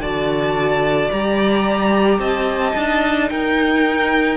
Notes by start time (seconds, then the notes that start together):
0.00 D3 F#4 D5 A5
1.12 G3 G4 A#5
2.19 C4 D#5 A5
2.75 D4 D#4
3.30 D#4 A#4 G5